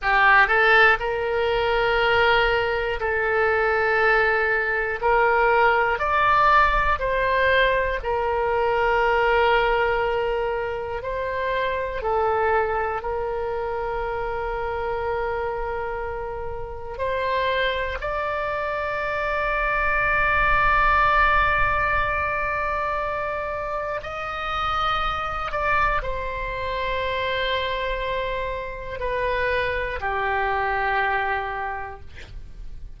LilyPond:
\new Staff \with { instrumentName = "oboe" } { \time 4/4 \tempo 4 = 60 g'8 a'8 ais'2 a'4~ | a'4 ais'4 d''4 c''4 | ais'2. c''4 | a'4 ais'2.~ |
ais'4 c''4 d''2~ | d''1 | dis''4. d''8 c''2~ | c''4 b'4 g'2 | }